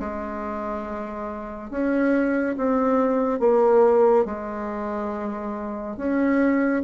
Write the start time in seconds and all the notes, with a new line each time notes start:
0.00 G#3
1.71 C#4
2.58 C4
3.40 A#3
4.25 G#3
5.97 C#4